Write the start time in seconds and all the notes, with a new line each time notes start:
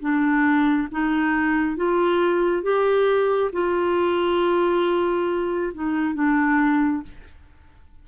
0.00 D4
0.91 D#4
1.76 F4
2.63 G4
3.52 F4
5.74 D#4
6.14 D4